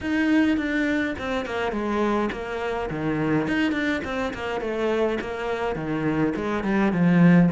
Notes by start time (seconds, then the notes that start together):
0.00 D#4
0.57 D4
1.18 C4
1.45 A#3
1.72 G#3
2.32 A#3
2.90 D#3
3.47 D#4
3.72 D4
4.04 C4
4.34 A#3
4.60 A3
5.21 A#3
5.75 D#3
6.35 G#3
6.63 G3
6.92 F3